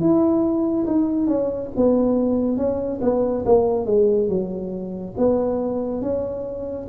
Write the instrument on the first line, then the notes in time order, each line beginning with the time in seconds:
tuba
0.00 E4
0.86 D#4
1.27 C#4
1.76 B3
2.57 C#4
3.01 B3
3.45 A#3
3.86 G#3
4.29 F#3
5.17 B3
6.02 C#4